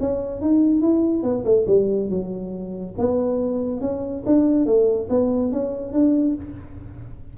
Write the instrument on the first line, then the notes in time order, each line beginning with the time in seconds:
tuba
0.00 C#4
0.41 D#4
0.81 E4
1.23 B3
1.45 A3
1.67 G3
2.10 F#3
2.98 B3
3.81 C#4
4.26 D4
4.66 A3
5.10 B3
5.52 C#4
5.93 D4